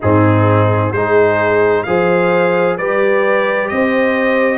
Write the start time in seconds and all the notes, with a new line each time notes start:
0.00 G#2 C4 D#4 G#4
0.92 G#3 D#4 G#4 C5
1.83 F3 G#4 C5 F5
2.77 G3 G4 B4 D5
3.68 C4 C5 D#5